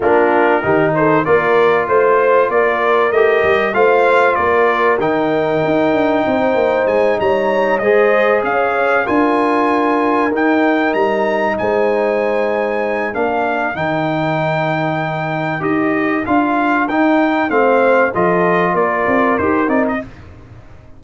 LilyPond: <<
  \new Staff \with { instrumentName = "trumpet" } { \time 4/4 \tempo 4 = 96 ais'4. c''8 d''4 c''4 | d''4 dis''4 f''4 d''4 | g''2. gis''8 ais''8~ | ais''8 dis''4 f''4 gis''4.~ |
gis''8 g''4 ais''4 gis''4.~ | gis''4 f''4 g''2~ | g''4 dis''4 f''4 g''4 | f''4 dis''4 d''4 c''8 d''16 dis''16 | }
  \new Staff \with { instrumentName = "horn" } { \time 4/4 f'4 g'8 a'8 ais'4 c''4 | ais'2 c''4 ais'4~ | ais'2 c''4. cis''8~ | cis''8 c''4 cis''4 ais'4.~ |
ais'2~ ais'8 c''4.~ | c''4 ais'2.~ | ais'1 | c''4 a'4 ais'2 | }
  \new Staff \with { instrumentName = "trombone" } { \time 4/4 d'4 dis'4 f'2~ | f'4 g'4 f'2 | dis'1~ | dis'8 gis'2 f'4.~ |
f'8 dis'2.~ dis'8~ | dis'4 d'4 dis'2~ | dis'4 g'4 f'4 dis'4 | c'4 f'2 g'8 dis'8 | }
  \new Staff \with { instrumentName = "tuba" } { \time 4/4 ais4 dis4 ais4 a4 | ais4 a8 g8 a4 ais4 | dis4 dis'8 d'8 c'8 ais8 gis8 g8~ | g8 gis4 cis'4 d'4.~ |
d'8 dis'4 g4 gis4.~ | gis4 ais4 dis2~ | dis4 dis'4 d'4 dis'4 | a4 f4 ais8 c'8 dis'8 c'8 | }
>>